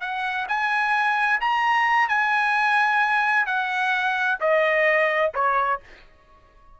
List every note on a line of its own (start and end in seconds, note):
0.00 0.46 F#5
0.48 1.40 G#5
1.40 2.08 A#5
2.08 3.46 G#5
3.46 4.38 F#5
4.40 5.32 D#5
5.34 5.80 C#5